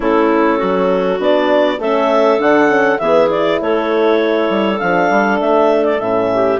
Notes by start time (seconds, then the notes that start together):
0.00 A3 C#4 E4 A4
0.58 F#3 F#4
1.18 B3 D4 D5
1.78 A3 C#4 A4 E5
2.38 D3 D4 F#5
2.68 C#4
2.98 E3 B3 G#4 E5
3.28 E4 D5
3.61 A3 A4 C#5
4.49 G3
4.78 F3 D4 F5
5.10 G3
5.40 A3 E5
5.84 D5
5.99 A2 C#4 E5
6.33 G4